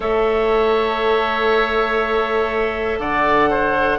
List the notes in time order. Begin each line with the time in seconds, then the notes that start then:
0.00 A3 A4 C#5 E5
2.99 D3 D5 F#5
3.50 C5